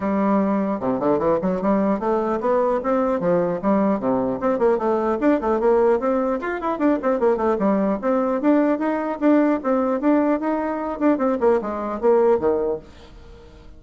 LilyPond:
\new Staff \with { instrumentName = "bassoon" } { \time 4/4 \tempo 4 = 150 g2 c8 d8 e8 fis8 | g4 a4 b4 c'4 | f4 g4 c4 c'8 ais8 | a4 d'8 a8 ais4 c'4 |
f'8 e'8 d'8 c'8 ais8 a8 g4 | c'4 d'4 dis'4 d'4 | c'4 d'4 dis'4. d'8 | c'8 ais8 gis4 ais4 dis4 | }